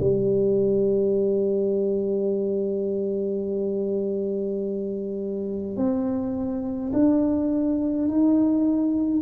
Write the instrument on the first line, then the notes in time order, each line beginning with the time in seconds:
tuba
0.00 G3
5.77 C4
6.93 D4
8.08 D#4